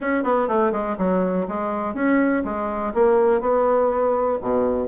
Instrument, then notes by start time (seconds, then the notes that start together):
bassoon
0.00 C#4
0.23 B3
0.48 A3
0.72 G#3
0.98 F#3
1.48 G#3
1.94 C#4
2.44 G#3
2.94 A#3
3.40 B3
4.41 B2